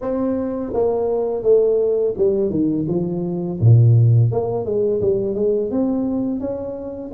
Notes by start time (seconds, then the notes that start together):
0.01 C4
0.73 A#3
1.43 A3
2.17 G3
2.49 D#3
2.88 F3
3.60 A#2
4.31 A#3
4.65 G#3
5.01 G3
5.34 G#3
5.70 C4
6.39 C#4